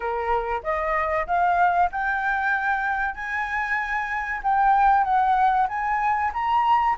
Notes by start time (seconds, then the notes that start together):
0.00 A#4
0.63 D#5
1.26 F5
1.91 G5
3.14 G#5
4.43 G5
5.04 F#5
5.68 G#5
6.33 A#5